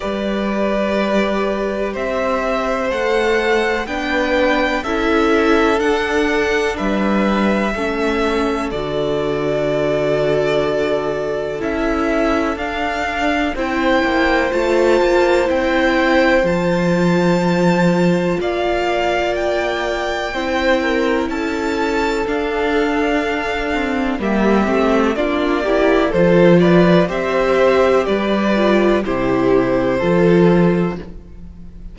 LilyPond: <<
  \new Staff \with { instrumentName = "violin" } { \time 4/4 \tempo 4 = 62 d''2 e''4 fis''4 | g''4 e''4 fis''4 e''4~ | e''4 d''2. | e''4 f''4 g''4 a''4 |
g''4 a''2 f''4 | g''2 a''4 f''4~ | f''4 e''4 d''4 c''8 d''8 | e''4 d''4 c''2 | }
  \new Staff \with { instrumentName = "violin" } { \time 4/4 b'2 c''2 | b'4 a'2 b'4 | a'1~ | a'2 c''2~ |
c''2. d''4~ | d''4 c''8 ais'8 a'2~ | a'4 g'4 f'8 g'8 a'8 b'8 | c''4 b'4 g'4 a'4 | }
  \new Staff \with { instrumentName = "viola" } { \time 4/4 g'2. a'4 | d'4 e'4 d'2 | cis'4 fis'2. | e'4 d'4 e'4 f'4 |
e'4 f'2.~ | f'4 e'2 d'4~ | d'8 c'8 ais8 c'8 d'8 e'8 f'4 | g'4. f'8 e'4 f'4 | }
  \new Staff \with { instrumentName = "cello" } { \time 4/4 g2 c'4 a4 | b4 cis'4 d'4 g4 | a4 d2. | cis'4 d'4 c'8 ais8 a8 ais8 |
c'4 f2 ais4~ | ais4 c'4 cis'4 d'4~ | d'4 g8 a8 ais4 f4 | c'4 g4 c4 f4 | }
>>